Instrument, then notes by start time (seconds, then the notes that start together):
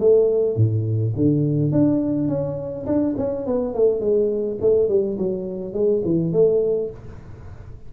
tuba
0.00 A3
0.57 A2
1.16 D3
1.73 D4
2.29 C#4
2.87 D4
3.18 C#4
3.47 B3
3.75 A3
4.01 G#3
4.62 A3
4.89 G3
5.18 F#3
5.74 G#3
6.05 E3
6.33 A3